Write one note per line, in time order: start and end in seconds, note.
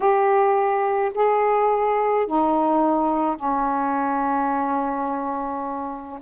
0.00 1.12 G4
1.14 2.26 G#4
2.26 3.36 D#4
3.36 6.19 C#4